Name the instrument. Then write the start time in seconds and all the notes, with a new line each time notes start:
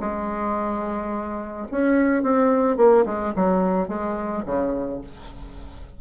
bassoon
0.00 G#3
1.71 C#4
2.22 C4
2.77 A#3
3.06 G#3
3.35 F#3
3.88 G#3
4.45 C#3